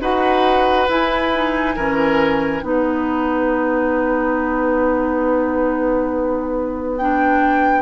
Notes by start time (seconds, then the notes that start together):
0.00 D#4 F#4 B4 F#5
0.88 E4 G#5
1.34 D#4
1.76 E3 C#4 A#4
2.62 B3 D#4 B4 F#5
6.96 D4 G5